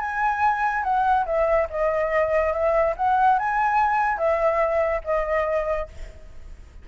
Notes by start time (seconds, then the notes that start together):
0.00 G#5
0.83 F#5
1.25 E5
1.70 D#5
2.53 E5
2.97 F#5
3.39 G#5
4.17 E5
5.04 D#5